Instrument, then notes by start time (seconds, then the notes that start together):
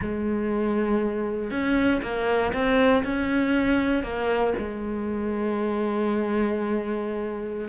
cello
0.01 G#3
1.51 C#4
2.02 A#3
2.53 C4
3.04 C#4
4.03 A#3
4.58 G#3